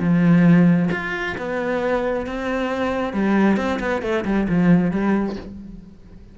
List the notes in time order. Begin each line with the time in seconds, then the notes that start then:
0.00 F3
0.91 F4
1.38 B3
2.27 C4
3.13 G3
3.57 C4
3.80 B3
4.02 A3
4.25 G3
4.49 F3
4.92 G3